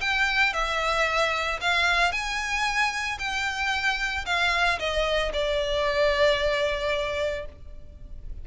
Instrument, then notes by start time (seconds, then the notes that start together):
violin
0.00 G5
0.53 E5
1.60 F5
2.11 G#5
3.18 G5
4.25 F5
4.79 D#5
5.33 D5